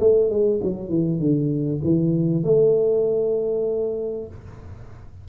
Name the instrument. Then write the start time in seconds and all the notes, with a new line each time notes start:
tuba
0.00 A3
0.30 G#3
0.63 F#3
0.89 E3
1.19 D3
1.84 E3
2.44 A3